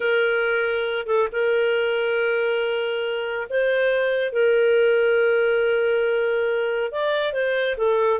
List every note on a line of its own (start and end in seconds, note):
0.00 1.06 A#4
1.06 1.28 A4
1.31 3.47 A#4
3.49 4.32 C5
4.32 6.91 A#4
6.91 7.32 D5
7.32 7.75 C5
7.77 8.20 A4